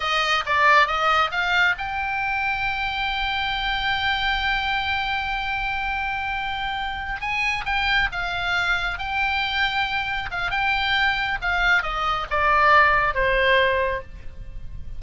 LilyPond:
\new Staff \with { instrumentName = "oboe" } { \time 4/4 \tempo 4 = 137 dis''4 d''4 dis''4 f''4 | g''1~ | g''1~ | g''1~ |
g''8 gis''4 g''4 f''4.~ | f''8 g''2. f''8 | g''2 f''4 dis''4 | d''2 c''2 | }